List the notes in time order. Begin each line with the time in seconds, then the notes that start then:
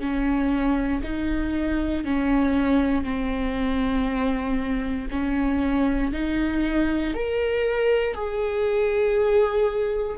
0.00 C#4
1.03 D#4
2.05 C#4
3.04 C4
5.11 C#4
6.13 D#4
7.15 A#4
8.14 G#4